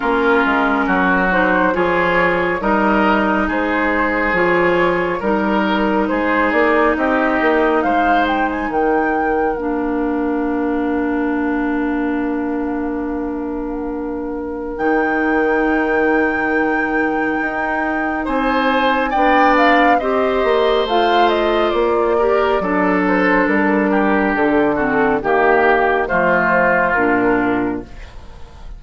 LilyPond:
<<
  \new Staff \with { instrumentName = "flute" } { \time 4/4 \tempo 4 = 69 ais'4. c''8 cis''4 dis''4 | c''4 cis''4 ais'4 c''8 d''8 | dis''4 f''8 g''16 gis''16 g''4 f''4~ | f''1~ |
f''4 g''2.~ | g''4 gis''4 g''8 f''8 dis''4 | f''8 dis''8 d''4. c''8 ais'4 | a'4 g'4 c''4 ais'4 | }
  \new Staff \with { instrumentName = "oboe" } { \time 4/4 f'4 fis'4 gis'4 ais'4 | gis'2 ais'4 gis'4 | g'4 c''4 ais'2~ | ais'1~ |
ais'1~ | ais'4 c''4 d''4 c''4~ | c''4. ais'8 a'4. g'8~ | g'8 fis'8 g'4 f'2 | }
  \new Staff \with { instrumentName = "clarinet" } { \time 4/4 cis'4. dis'8 f'4 dis'4~ | dis'4 f'4 dis'2~ | dis'2. d'4~ | d'1~ |
d'4 dis'2.~ | dis'2 d'4 g'4 | f'4. g'8 d'2~ | d'8 c'8 ais4 a4 d'4 | }
  \new Staff \with { instrumentName = "bassoon" } { \time 4/4 ais8 gis8 fis4 f4 g4 | gis4 f4 g4 gis8 ais8 | c'8 ais8 gis4 dis4 ais4~ | ais1~ |
ais4 dis2. | dis'4 c'4 b4 c'8 ais8 | a4 ais4 fis4 g4 | d4 dis4 f4 ais,4 | }
>>